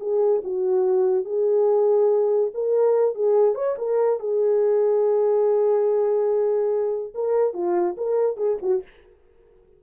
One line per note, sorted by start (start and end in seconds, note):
0.00 0.42 G#4
0.44 1.25 F#4
1.25 2.50 G#4
2.54 3.15 A#4
3.15 3.55 G#4
3.55 3.76 C#5
3.78 4.19 A#4
4.19 7.13 G#4
7.14 7.54 A#4
7.54 7.95 F4
7.97 8.36 A#4
8.36 8.57 G#4
8.62 8.83 F#4